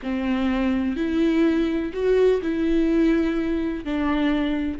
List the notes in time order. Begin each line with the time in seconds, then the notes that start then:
0.02 C4
0.96 E4
1.93 F#4
2.42 E4
3.84 D4